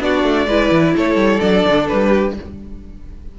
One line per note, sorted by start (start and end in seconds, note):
0.00 0.23 B3
0.00 0.47 D4
0.00 0.47 F#4
0.00 0.96 D5
0.23 0.46 A3
0.46 0.70 G#3
0.46 1.40 E4
0.46 0.94 B4
0.71 0.94 E3
0.96 1.15 A3
0.96 2.08 A4
0.96 1.40 C#5
1.15 1.39 G3
1.40 1.65 F#3
1.40 2.34 D4
1.40 1.87 D5
1.67 1.90 D3
1.88 2.39 G3
1.88 2.35 B4
2.08 2.31 G4